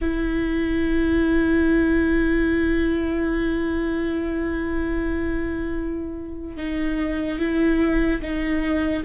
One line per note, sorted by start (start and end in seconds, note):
0.01 6.56 E4
6.56 7.39 D#4
7.39 8.21 E4
8.21 9.03 D#4